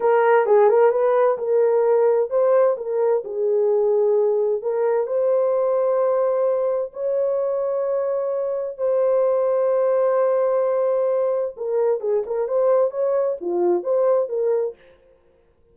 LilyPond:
\new Staff \with { instrumentName = "horn" } { \time 4/4 \tempo 4 = 130 ais'4 gis'8 ais'8 b'4 ais'4~ | ais'4 c''4 ais'4 gis'4~ | gis'2 ais'4 c''4~ | c''2. cis''4~ |
cis''2. c''4~ | c''1~ | c''4 ais'4 gis'8 ais'8 c''4 | cis''4 f'4 c''4 ais'4 | }